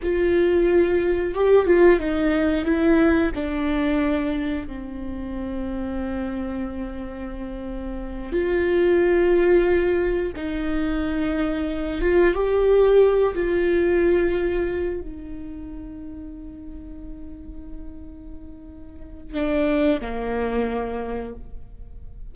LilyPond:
\new Staff \with { instrumentName = "viola" } { \time 4/4 \tempo 4 = 90 f'2 g'8 f'8 dis'4 | e'4 d'2 c'4~ | c'1~ | c'8 f'2. dis'8~ |
dis'2 f'8 g'4. | f'2~ f'8 dis'4.~ | dis'1~ | dis'4 d'4 ais2 | }